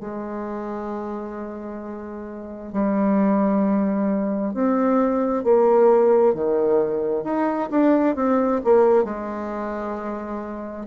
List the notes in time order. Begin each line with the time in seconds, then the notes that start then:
0.00 G#3
2.73 G3
4.54 C4
5.44 A#3
6.34 D#3
7.24 D#4
7.71 D4
8.15 C4
8.64 A#3
9.04 G#3